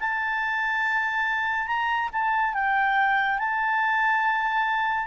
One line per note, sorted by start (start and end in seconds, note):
0.00 1.67 A5
1.67 2.10 A#5
2.13 2.54 A5
2.54 3.38 G5
3.39 5.07 A5